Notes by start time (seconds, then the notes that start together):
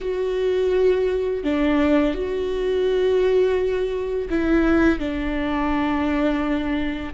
0.00 F#4
1.43 D4
2.14 F#4
4.29 E4
4.99 D4